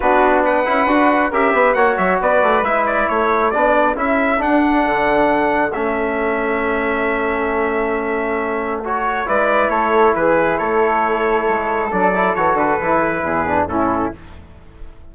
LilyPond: <<
  \new Staff \with { instrumentName = "trumpet" } { \time 4/4 \tempo 4 = 136 b'4 fis''2 e''4 | fis''8 e''8 d''4 e''8 d''8 cis''4 | d''4 e''4 fis''2~ | fis''4 e''2.~ |
e''1 | cis''4 d''4 cis''4 b'4 | cis''2. d''4 | cis''8 b'2~ b'8 a'4 | }
  \new Staff \with { instrumentName = "flute" } { \time 4/4 fis'4 b'2 ais'8 b'8 | cis''4 b'2 a'4~ | a'1~ | a'1~ |
a'1~ | a'4 b'4 a'4 gis'4 | a'1~ | a'2 gis'4 e'4 | }
  \new Staff \with { instrumentName = "trombone" } { \time 4/4 d'4. e'8 fis'4 g'4 | fis'2 e'2 | d'4 e'4 d'2~ | d'4 cis'2.~ |
cis'1 | fis'4 e'2.~ | e'2. d'8 e'8 | fis'4 e'4. d'8 cis'4 | }
  \new Staff \with { instrumentName = "bassoon" } { \time 4/4 b4. cis'8 d'4 cis'8 b8 | ais8 fis8 b8 a8 gis4 a4 | b4 cis'4 d'4 d4~ | d4 a2.~ |
a1~ | a4 gis4 a4 e4 | a2 gis4 fis4 | e8 d8 e4 e,4 a,4 | }
>>